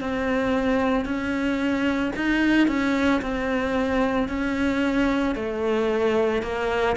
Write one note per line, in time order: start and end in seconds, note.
0.00 1.05 C4
1.05 2.12 C#4
2.16 2.67 D#4
2.67 3.21 C#4
3.21 4.28 C4
4.28 5.35 C#4
5.35 6.42 A3
6.42 6.96 A#3